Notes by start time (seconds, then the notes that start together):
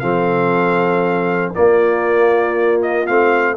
0.00 F3 C4 A4 F5
1.54 A#3 F4 D5
2.83 D#5
3.07 A3 C4 F5